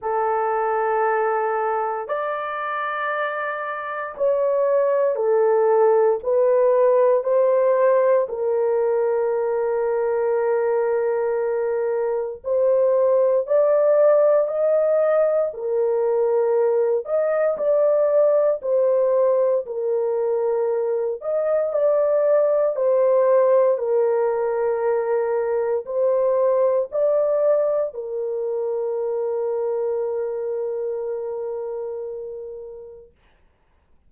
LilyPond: \new Staff \with { instrumentName = "horn" } { \time 4/4 \tempo 4 = 58 a'2 d''2 | cis''4 a'4 b'4 c''4 | ais'1 | c''4 d''4 dis''4 ais'4~ |
ais'8 dis''8 d''4 c''4 ais'4~ | ais'8 dis''8 d''4 c''4 ais'4~ | ais'4 c''4 d''4 ais'4~ | ais'1 | }